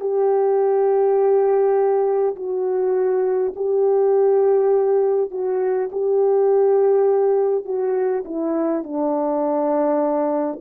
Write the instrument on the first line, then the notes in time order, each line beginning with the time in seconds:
horn
0.00 G4
2.35 F#4
3.56 G4
5.30 F#4
5.91 G4
7.65 F#4
8.25 E4
8.83 D4